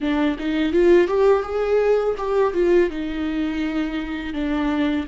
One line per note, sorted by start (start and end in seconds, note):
0.00 0.36 D4
0.38 0.72 D#4
0.72 1.07 F4
1.07 1.43 G4
1.43 2.15 G#4
2.17 2.53 G4
2.53 2.89 F4
2.90 4.33 D#4
4.33 5.06 D4